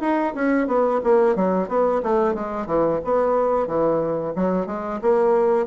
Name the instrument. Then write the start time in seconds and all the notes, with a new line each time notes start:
bassoon
0.00 D#4
0.35 C#4
0.67 B3
1.03 A#3
1.35 F#3
1.68 B3
2.03 A3
2.34 G#3
2.66 E3
3.04 B3
3.67 E3
4.35 F#3
4.66 G#3
5.02 A#3